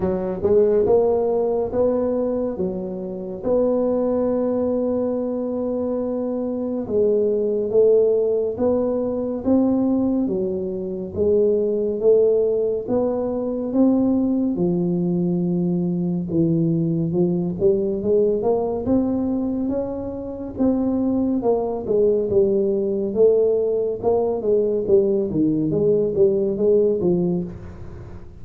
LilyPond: \new Staff \with { instrumentName = "tuba" } { \time 4/4 \tempo 4 = 70 fis8 gis8 ais4 b4 fis4 | b1 | gis4 a4 b4 c'4 | fis4 gis4 a4 b4 |
c'4 f2 e4 | f8 g8 gis8 ais8 c'4 cis'4 | c'4 ais8 gis8 g4 a4 | ais8 gis8 g8 dis8 gis8 g8 gis8 f8 | }